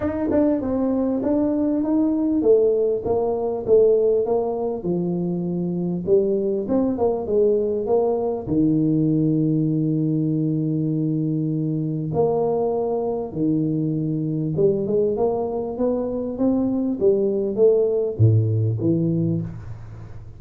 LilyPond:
\new Staff \with { instrumentName = "tuba" } { \time 4/4 \tempo 4 = 99 dis'8 d'8 c'4 d'4 dis'4 | a4 ais4 a4 ais4 | f2 g4 c'8 ais8 | gis4 ais4 dis2~ |
dis1 | ais2 dis2 | g8 gis8 ais4 b4 c'4 | g4 a4 a,4 e4 | }